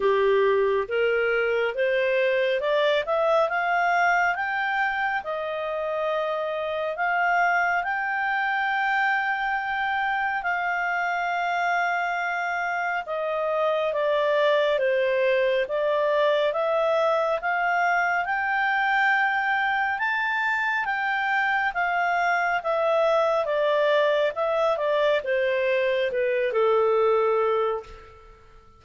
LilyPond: \new Staff \with { instrumentName = "clarinet" } { \time 4/4 \tempo 4 = 69 g'4 ais'4 c''4 d''8 e''8 | f''4 g''4 dis''2 | f''4 g''2. | f''2. dis''4 |
d''4 c''4 d''4 e''4 | f''4 g''2 a''4 | g''4 f''4 e''4 d''4 | e''8 d''8 c''4 b'8 a'4. | }